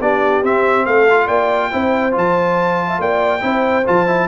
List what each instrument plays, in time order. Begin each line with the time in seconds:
0.00 tuba B3, trombone D4, horn G4, trumpet D5
0.43 tuba C4, trombone C4, trumpet E5
0.86 tuba A3, horn A4, trumpet F5
1.10 trombone F4
1.26 tuba A#3, horn D5, trumpet G5
1.72 tuba C4, trombone E4, horn C5
2.12 tuba F3, trombone F4
2.18 trumpet A5
2.88 horn E5
2.99 tuba A#3, horn D5, trumpet G5
3.40 tuba C4, trombone E4, horn C5
3.86 tuba F3, trombone F4, trumpet A5
4.07 trombone E4